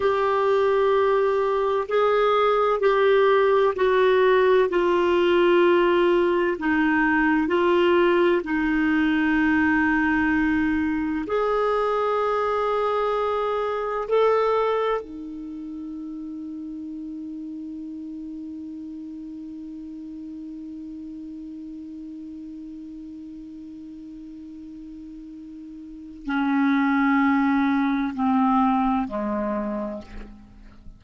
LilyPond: \new Staff \with { instrumentName = "clarinet" } { \time 4/4 \tempo 4 = 64 g'2 gis'4 g'4 | fis'4 f'2 dis'4 | f'4 dis'2. | gis'2. a'4 |
dis'1~ | dis'1~ | dis'1 | cis'2 c'4 gis4 | }